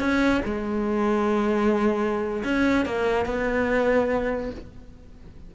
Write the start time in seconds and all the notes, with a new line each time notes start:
0.00 C#4
0.45 G#3
2.44 C#4
2.86 A#3
3.26 B3